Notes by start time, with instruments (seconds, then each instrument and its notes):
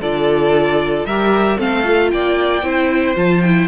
0.00 cello D3, viola F4, violin A4 D5
1.05 cello G3, viola G4, violin A#4 E5
1.57 cello A3, viola C4, violin A4 F5
1.83 viola F4
2.10 cello A#3, violin D5 G5
2.62 cello C4, viola E4, violin C5
3.15 cello F3, viola F4, violin A5
3.41 viola E4, violin G5